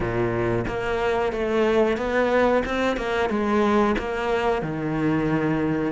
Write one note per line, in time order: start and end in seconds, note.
0.00 0.65 A#2
0.67 1.32 A#3
1.32 1.97 A3
1.97 2.63 B3
2.65 2.96 C4
2.96 3.29 A#3
3.29 3.95 G#3
3.98 4.62 A#3
4.62 5.92 D#3